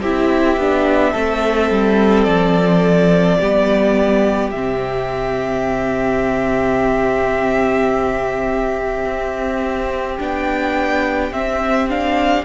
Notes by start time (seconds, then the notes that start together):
0.00 C4 E4 G4 E5
0.56 B3 D4
1.12 A3 C4 A4
1.70 G3
2.23 F3 D5
3.39 G3 B3 G4
4.51 C3 C4 E5
9.05 C4
10.18 B3 D4 G5
11.31 C4 E5
11.89 D4 F5